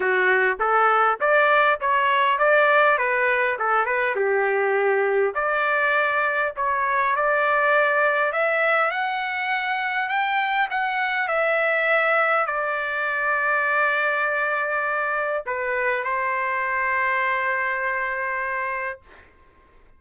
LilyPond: \new Staff \with { instrumentName = "trumpet" } { \time 4/4 \tempo 4 = 101 fis'4 a'4 d''4 cis''4 | d''4 b'4 a'8 b'8 g'4~ | g'4 d''2 cis''4 | d''2 e''4 fis''4~ |
fis''4 g''4 fis''4 e''4~ | e''4 d''2.~ | d''2 b'4 c''4~ | c''1 | }